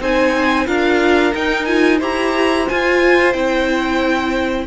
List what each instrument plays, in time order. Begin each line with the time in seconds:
0.00 cello C4, viola D#4, violin C5 G#5
0.66 cello D4, viola F4, violin A#4 F5
1.34 viola D#4, cello D#4, violin G5
1.65 viola F4, violin G#5
1.98 cello E4, viola G4, violin C5 A#5
2.67 viola F4, cello F4, violin G#5
3.33 cello C4, viola E4, violin G5